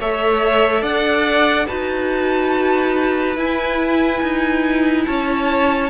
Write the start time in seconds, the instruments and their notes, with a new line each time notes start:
0.00 cello A3, viola A4, violin C#5 E5
0.82 cello D4, violin D5 F#5
1.67 cello D#4, viola F#4, violin B4 A5
3.37 viola E4, cello E4, violin G#5
4.22 cello D#4
5.05 cello C#4, violin C#5 A5